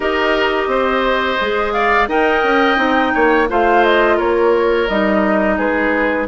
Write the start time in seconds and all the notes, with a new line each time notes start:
0.00 D#4 G4 A#4 D#5
0.67 C4 C5
1.41 G#3 G#4
1.72 D5 F5
2.07 D#4 A#4 D#5 G5
2.43 C#4
2.76 C4 D#4
3.14 A#3 C#5
3.48 A3 F4 C5 F5
3.83 D#5
4.16 A#3 A#4 C#5
4.88 G3 D#4 D#5
5.57 G#3 G#4 B4